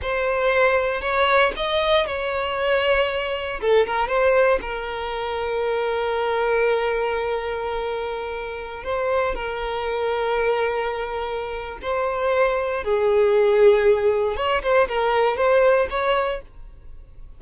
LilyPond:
\new Staff \with { instrumentName = "violin" } { \time 4/4 \tempo 4 = 117 c''2 cis''4 dis''4 | cis''2. a'8 ais'8 | c''4 ais'2.~ | ais'1~ |
ais'4~ ais'16 c''4 ais'4.~ ais'16~ | ais'2. c''4~ | c''4 gis'2. | cis''8 c''8 ais'4 c''4 cis''4 | }